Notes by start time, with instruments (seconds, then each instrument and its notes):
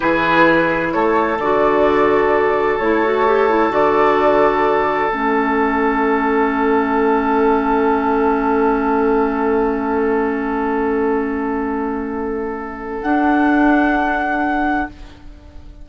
0.00 bassoon E3, clarinet E4, oboe G#4, flute B4
0.91 bassoon A3, oboe A4, flute C#5
1.38 bassoon D3, clarinet F#4, flute D5
2.78 bassoon A3, clarinet E4, flute C#5
3.04 clarinet F#4
3.26 clarinet G4
3.49 clarinet E4
3.69 bassoon D3, clarinet F#4, flute D5
5.10 bassoon A3, clarinet C#4, flute E5
13.01 clarinet D4, bassoon D4, flute F#5